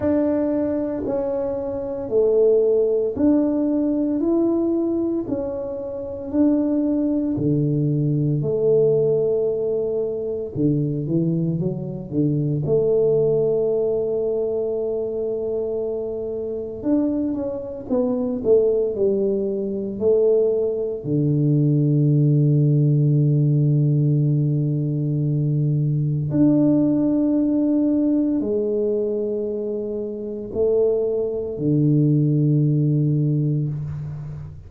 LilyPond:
\new Staff \with { instrumentName = "tuba" } { \time 4/4 \tempo 4 = 57 d'4 cis'4 a4 d'4 | e'4 cis'4 d'4 d4 | a2 d8 e8 fis8 d8 | a1 |
d'8 cis'8 b8 a8 g4 a4 | d1~ | d4 d'2 gis4~ | gis4 a4 d2 | }